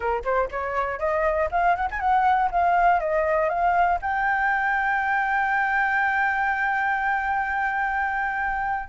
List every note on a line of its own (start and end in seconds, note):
0.00 0.22 A#4
0.24 0.49 C5
0.51 0.99 C#5
0.99 1.49 D#5
1.51 1.75 F5
1.75 1.88 F#5
1.90 2.00 G#5
2.00 2.50 F#5
2.51 3.00 F5
3.00 3.49 D#5
3.49 3.99 F5
4.01 8.88 G5